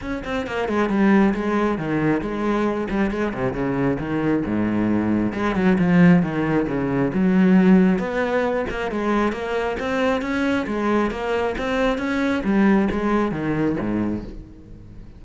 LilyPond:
\new Staff \with { instrumentName = "cello" } { \time 4/4 \tempo 4 = 135 cis'8 c'8 ais8 gis8 g4 gis4 | dis4 gis4. g8 gis8 c8 | cis4 dis4 gis,2 | gis8 fis8 f4 dis4 cis4 |
fis2 b4. ais8 | gis4 ais4 c'4 cis'4 | gis4 ais4 c'4 cis'4 | g4 gis4 dis4 gis,4 | }